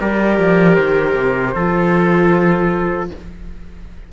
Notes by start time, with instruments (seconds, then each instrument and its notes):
0.00 cello G3, viola G4, trumpet A#4, flute D5
0.39 cello F3
0.75 cello D#3, flute C5
1.15 cello C3
1.54 cello F3, viola F4, trumpet A4